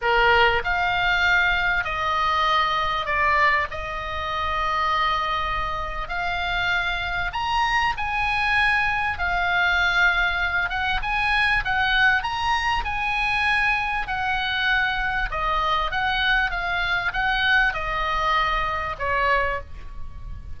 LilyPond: \new Staff \with { instrumentName = "oboe" } { \time 4/4 \tempo 4 = 98 ais'4 f''2 dis''4~ | dis''4 d''4 dis''2~ | dis''2 f''2 | ais''4 gis''2 f''4~ |
f''4. fis''8 gis''4 fis''4 | ais''4 gis''2 fis''4~ | fis''4 dis''4 fis''4 f''4 | fis''4 dis''2 cis''4 | }